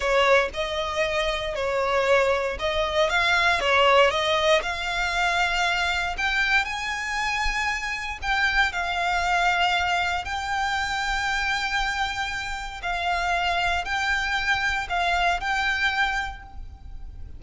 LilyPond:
\new Staff \with { instrumentName = "violin" } { \time 4/4 \tempo 4 = 117 cis''4 dis''2 cis''4~ | cis''4 dis''4 f''4 cis''4 | dis''4 f''2. | g''4 gis''2. |
g''4 f''2. | g''1~ | g''4 f''2 g''4~ | g''4 f''4 g''2 | }